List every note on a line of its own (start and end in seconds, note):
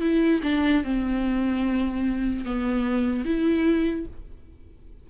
0.00 0.41 E4
0.43 0.83 D4
0.83 2.44 C4
2.44 3.25 B3
3.25 4.06 E4